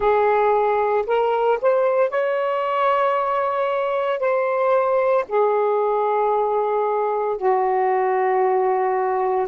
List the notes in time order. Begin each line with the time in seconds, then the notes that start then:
0.00 G#4
1.06 A#4
1.61 C5
2.10 C#5
4.19 C5
5.28 G#4
7.37 F#4